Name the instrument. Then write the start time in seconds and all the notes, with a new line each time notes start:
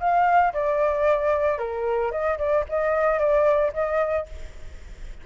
flute
0.00 F5
0.54 D5
1.58 A#4
2.12 D#5
2.38 D5
2.69 D#5
3.19 D5
3.74 D#5